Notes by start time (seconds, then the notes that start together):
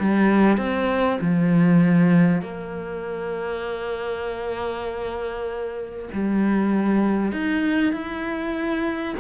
0.00 G3
0.58 C4
1.21 F3
2.42 A#3
6.13 G3
7.32 D#4
7.93 E4